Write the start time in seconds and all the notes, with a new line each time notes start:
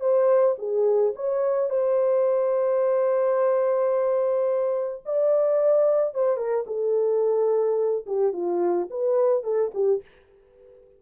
0.00 C5
0.58 G#4
1.15 C#5
1.70 C5
5.05 D5
6.14 C5
6.37 A#4
6.66 A4
8.06 G4
8.33 F4
8.90 B4
9.43 A4
9.74 G4